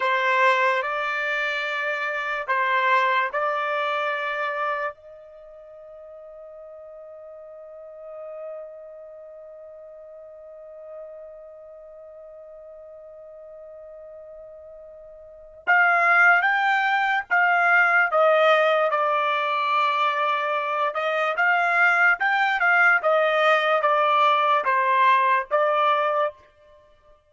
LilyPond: \new Staff \with { instrumentName = "trumpet" } { \time 4/4 \tempo 4 = 73 c''4 d''2 c''4 | d''2 dis''2~ | dis''1~ | dis''1~ |
dis''2. f''4 | g''4 f''4 dis''4 d''4~ | d''4. dis''8 f''4 g''8 f''8 | dis''4 d''4 c''4 d''4 | }